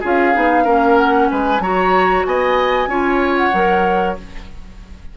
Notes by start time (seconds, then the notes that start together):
0.00 C#4 F4 G#4
0.06 F5
0.33 B3 D#4
0.64 A#3 C#4 A#4
0.98 F#5
1.31 G#3 B4 G#5
1.60 F#3 F#4 C#5 A#5
2.26 B3 D#5 G#5
2.87 C#4 F4 C#5
3.36 F#5
3.53 F#3 A#4